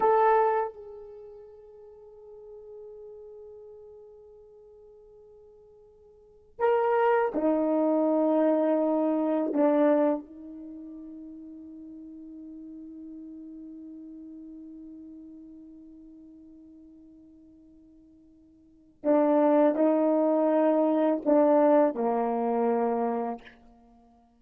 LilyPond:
\new Staff \with { instrumentName = "horn" } { \time 4/4 \tempo 4 = 82 a'4 gis'2.~ | gis'1~ | gis'4 ais'4 dis'2~ | dis'4 d'4 dis'2~ |
dis'1~ | dis'1~ | dis'2 d'4 dis'4~ | dis'4 d'4 ais2 | }